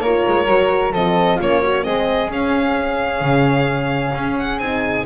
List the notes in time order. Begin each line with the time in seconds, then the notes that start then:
0.00 A#3 F4 A#4 C#5
0.28 G#3
0.47 F#3 F#4
0.93 F3 C4 A4 D#5
1.37 A#3 C#4 F4 C#5
1.62 C#4 F#4
1.84 G#3 C4 G#4 D#5
2.29 C#4 F5
3.21 C#3
4.14 C#4
4.39 F#5
4.59 C4 D#4 G#5